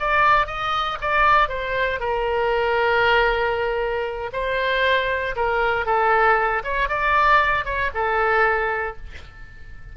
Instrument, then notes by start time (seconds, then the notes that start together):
oboe
0.00 D5
0.47 D#5
1.01 D5
1.49 C5
2.00 A#4
4.33 C5
5.36 A#4
5.86 A4
6.64 C#5
6.89 D5
7.65 C#5
7.94 A4